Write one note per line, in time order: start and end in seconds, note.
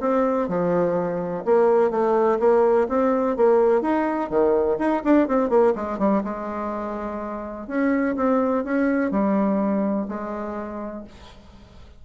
0.00 0.48 C4
0.48 1.44 F3
1.44 1.90 A#3
1.90 2.38 A3
2.39 2.87 A#3
2.88 3.36 C4
3.36 3.81 A#3
3.81 4.29 D#4
4.30 4.78 D#3
4.78 5.02 D#4
5.04 5.28 D4
5.28 5.49 C4
5.49 5.73 A#3
5.75 5.98 G#3
5.98 6.22 G3
6.24 7.67 G#3
7.67 8.15 C#4
8.16 8.64 C4
8.64 9.11 C#4
9.11 10.07 G3
10.08 11.04 G#3